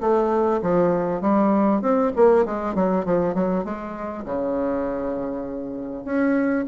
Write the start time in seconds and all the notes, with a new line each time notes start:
0.00 A3
0.62 F3
1.21 G3
1.81 C4
2.16 A#3
2.45 G#3
2.75 F#3
3.05 F3
3.34 F#3
3.64 G#3
4.25 C#3
6.04 C#4